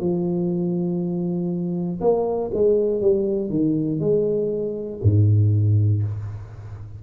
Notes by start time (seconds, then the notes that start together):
0.00 F3
2.01 A#3
2.54 G#3
3.01 G3
3.50 D#3
4.00 G#3
5.03 G#2